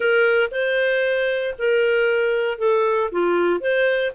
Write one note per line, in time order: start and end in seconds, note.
0.00 0.50 A#4
0.51 1.54 C5
1.58 2.58 A#4
2.58 3.10 A4
3.11 3.60 F4
3.60 4.12 C5